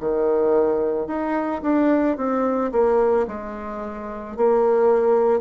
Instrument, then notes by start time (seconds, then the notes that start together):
bassoon
0.00 D#3
1.08 D#4
1.63 D4
2.17 C4
2.72 A#3
3.28 G#3
4.37 A#3